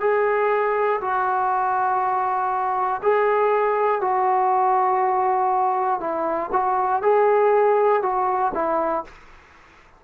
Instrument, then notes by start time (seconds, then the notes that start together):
trombone
0.00 G#4
1.01 F#4
3.02 G#4
4.01 F#4
6.00 E4
6.52 F#4
7.02 G#4
8.02 F#4
8.54 E4